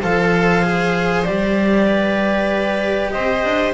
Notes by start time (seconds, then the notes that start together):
0.00 F3 A4 C5 F5
0.62 G#4
1.24 G3 G4 D5
1.87 B4
3.11 C4 C5 D#5
3.44 D4